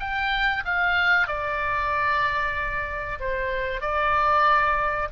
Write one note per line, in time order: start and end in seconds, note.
0.00 0.64 G5
0.66 1.28 F5
1.28 3.19 D5
3.20 3.81 C5
3.81 5.09 D5